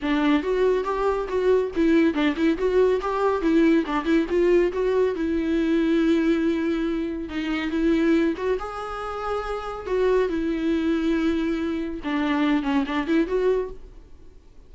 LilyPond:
\new Staff \with { instrumentName = "viola" } { \time 4/4 \tempo 4 = 140 d'4 fis'4 g'4 fis'4 | e'4 d'8 e'8 fis'4 g'4 | e'4 d'8 e'8 f'4 fis'4 | e'1~ |
e'4 dis'4 e'4. fis'8 | gis'2. fis'4 | e'1 | d'4. cis'8 d'8 e'8 fis'4 | }